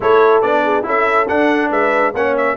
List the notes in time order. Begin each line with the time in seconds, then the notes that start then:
0.00 A3 E4 A4 C#5
0.41 B3 D4 D5
0.63 G#4
0.83 C#4 E4 A4 E5
1.28 D4 F#5
1.70 G#3 B4 E5
2.13 A#3 C#4 C#5 F#5
2.36 E5